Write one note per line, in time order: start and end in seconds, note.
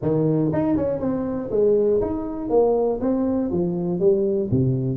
0.02 0.52 D#3
0.53 0.76 D#4
0.76 0.99 C#4
0.99 1.49 C4
1.50 2.00 G#3
2.01 2.49 D#4
2.49 2.99 A#3
3.00 3.50 C4
3.51 3.99 F3
3.99 4.49 G3
4.50 4.97 C3